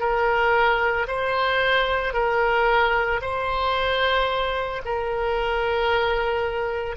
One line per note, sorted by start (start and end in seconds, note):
0.00 1.07 A#4
1.08 2.14 C5
2.14 3.21 A#4
3.22 4.83 C5
4.86 6.97 A#4